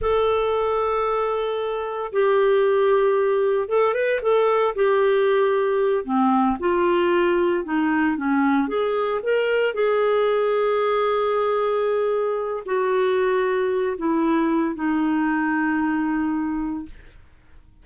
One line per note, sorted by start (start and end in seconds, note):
0.01 2.11 A4
2.12 3.68 G4
3.68 3.94 A4
3.94 4.20 B4
4.22 4.74 A4
4.75 6.04 G4
6.04 6.57 C4
6.59 7.64 F4
7.64 8.17 D#4
8.17 8.68 C#4
8.68 9.20 G#4
9.22 9.74 A#4
9.74 12.63 G#4
12.65 13.97 F#4
13.97 14.75 E4
14.75 16.85 D#4